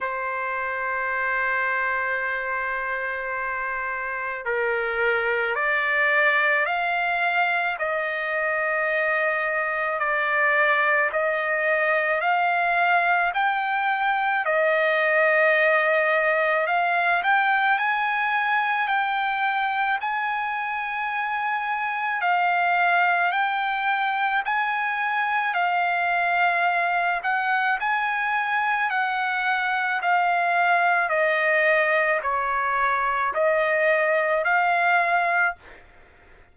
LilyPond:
\new Staff \with { instrumentName = "trumpet" } { \time 4/4 \tempo 4 = 54 c''1 | ais'4 d''4 f''4 dis''4~ | dis''4 d''4 dis''4 f''4 | g''4 dis''2 f''8 g''8 |
gis''4 g''4 gis''2 | f''4 g''4 gis''4 f''4~ | f''8 fis''8 gis''4 fis''4 f''4 | dis''4 cis''4 dis''4 f''4 | }